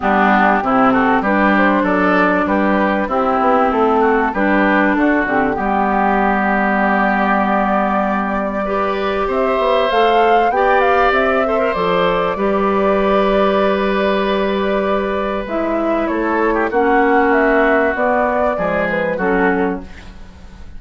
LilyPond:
<<
  \new Staff \with { instrumentName = "flute" } { \time 4/4 \tempo 4 = 97 g'4. a'8 b'8 c''8 d''4 | b'4 g'4 a'4 b'4 | a'8 g'2~ g'8 d''4~ | d''2. e''4 |
f''4 g''8 f''8 e''4 d''4~ | d''1~ | d''4 e''4 cis''4 fis''4 | e''4 d''4. b'8 a'4 | }
  \new Staff \with { instrumentName = "oboe" } { \time 4/4 d'4 e'8 fis'8 g'4 a'4 | g'4 e'4. fis'8 g'4 | fis'4 g'2.~ | g'2 b'4 c''4~ |
c''4 d''4. c''4. | b'1~ | b'2 a'8. g'16 fis'4~ | fis'2 gis'4 fis'4 | }
  \new Staff \with { instrumentName = "clarinet" } { \time 4/4 b4 c'4 d'2~ | d'4 c'2 d'4~ | d'8 c'8 b2.~ | b2 g'2 |
a'4 g'4. a'16 ais'16 a'4 | g'1~ | g'4 e'2 cis'4~ | cis'4 b4 gis4 cis'4 | }
  \new Staff \with { instrumentName = "bassoon" } { \time 4/4 g4 c4 g4 fis4 | g4 c'8 b8 a4 g4 | d'8 d8 g2.~ | g2. c'8 b8 |
a4 b4 c'4 f4 | g1~ | g4 gis4 a4 ais4~ | ais4 b4 f4 fis4 | }
>>